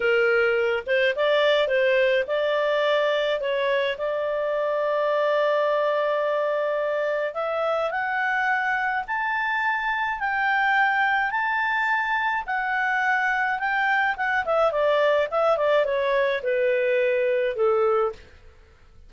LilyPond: \new Staff \with { instrumentName = "clarinet" } { \time 4/4 \tempo 4 = 106 ais'4. c''8 d''4 c''4 | d''2 cis''4 d''4~ | d''1~ | d''4 e''4 fis''2 |
a''2 g''2 | a''2 fis''2 | g''4 fis''8 e''8 d''4 e''8 d''8 | cis''4 b'2 a'4 | }